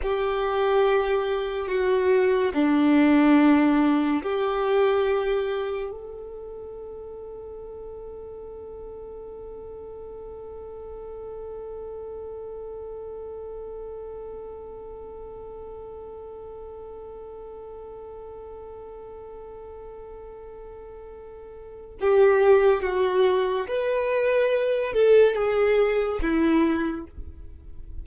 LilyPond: \new Staff \with { instrumentName = "violin" } { \time 4/4 \tempo 4 = 71 g'2 fis'4 d'4~ | d'4 g'2 a'4~ | a'1~ | a'1~ |
a'1~ | a'1~ | a'2 g'4 fis'4 | b'4. a'8 gis'4 e'4 | }